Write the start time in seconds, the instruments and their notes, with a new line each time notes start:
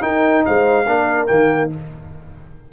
0.00 trombone D#4, tuba D#4, horn A#4, trumpet G5
0.45 tuba G#3, horn C5, trumpet F5
0.87 tuba A#3, trombone D4, horn A#4
1.26 tuba D#3, trombone A#3, trumpet G5